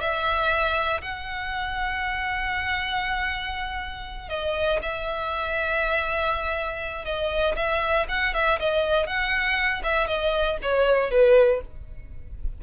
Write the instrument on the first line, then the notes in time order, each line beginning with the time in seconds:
violin
0.00 E5
1.01 F#5
4.29 D#5
4.82 E5
7.05 D#5
7.56 E5
8.08 F#5
8.34 E5
8.59 D#5
9.06 F#5
9.83 E5
10.07 D#5
10.62 C#5
11.10 B4